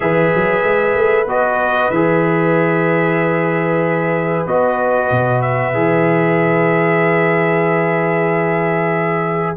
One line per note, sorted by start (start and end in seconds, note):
0.00 0.33 E3
0.00 1.25 G#4
0.00 9.56 B4
0.00 1.27 E5
0.34 0.63 F#3
0.63 0.95 G#3
0.95 1.25 A3
1.25 1.89 B3
1.25 1.92 F#4
1.25 1.91 D#5
1.90 4.45 E3
1.90 4.47 G#4
1.90 4.46 E5
4.46 5.10 B3
4.46 5.73 F#4
4.46 5.41 D#5
5.10 5.73 B2
5.41 9.56 E5
5.73 9.56 E3
5.73 9.56 G#4